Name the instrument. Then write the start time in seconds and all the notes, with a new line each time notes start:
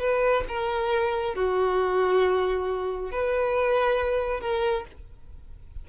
violin
0.00 B4
0.48 A#4
1.35 F#4
3.12 B4
4.40 A#4